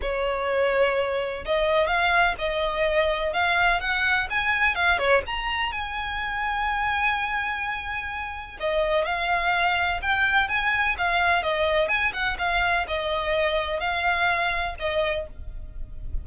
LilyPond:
\new Staff \with { instrumentName = "violin" } { \time 4/4 \tempo 4 = 126 cis''2. dis''4 | f''4 dis''2 f''4 | fis''4 gis''4 f''8 cis''8 ais''4 | gis''1~ |
gis''2 dis''4 f''4~ | f''4 g''4 gis''4 f''4 | dis''4 gis''8 fis''8 f''4 dis''4~ | dis''4 f''2 dis''4 | }